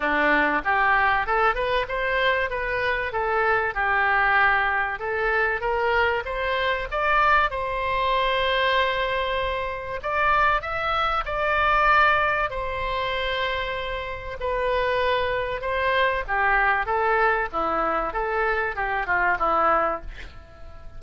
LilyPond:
\new Staff \with { instrumentName = "oboe" } { \time 4/4 \tempo 4 = 96 d'4 g'4 a'8 b'8 c''4 | b'4 a'4 g'2 | a'4 ais'4 c''4 d''4 | c''1 |
d''4 e''4 d''2 | c''2. b'4~ | b'4 c''4 g'4 a'4 | e'4 a'4 g'8 f'8 e'4 | }